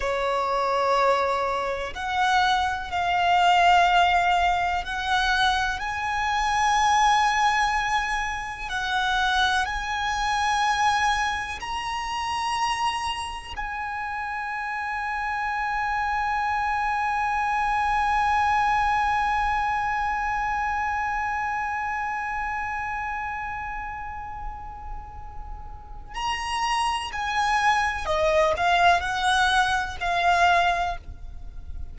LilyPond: \new Staff \with { instrumentName = "violin" } { \time 4/4 \tempo 4 = 62 cis''2 fis''4 f''4~ | f''4 fis''4 gis''2~ | gis''4 fis''4 gis''2 | ais''2 gis''2~ |
gis''1~ | gis''1~ | gis''2. ais''4 | gis''4 dis''8 f''8 fis''4 f''4 | }